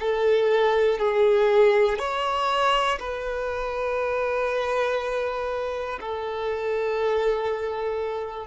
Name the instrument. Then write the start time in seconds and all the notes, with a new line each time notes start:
violin
0.00 A4
0.98 G#4
1.99 C#5
2.99 B4
6.00 A4